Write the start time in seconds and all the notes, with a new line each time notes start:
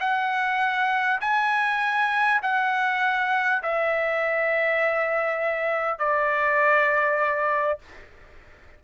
0.00 F#5
1.21 G#5
2.42 F#5
3.62 E5
5.98 D5